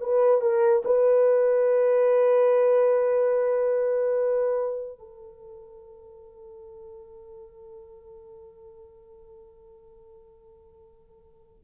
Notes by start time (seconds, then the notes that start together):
0.00 B4
0.41 A#4
0.84 B4
4.98 A4